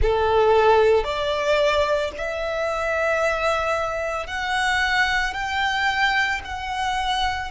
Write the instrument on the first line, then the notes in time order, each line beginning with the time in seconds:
violin
0.01 A4
1.04 D5
2.17 E5
4.27 F#5
5.33 G5
6.44 F#5